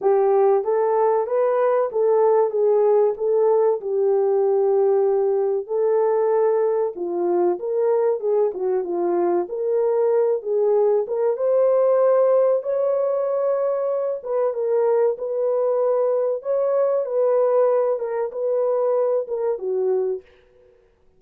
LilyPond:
\new Staff \with { instrumentName = "horn" } { \time 4/4 \tempo 4 = 95 g'4 a'4 b'4 a'4 | gis'4 a'4 g'2~ | g'4 a'2 f'4 | ais'4 gis'8 fis'8 f'4 ais'4~ |
ais'8 gis'4 ais'8 c''2 | cis''2~ cis''8 b'8 ais'4 | b'2 cis''4 b'4~ | b'8 ais'8 b'4. ais'8 fis'4 | }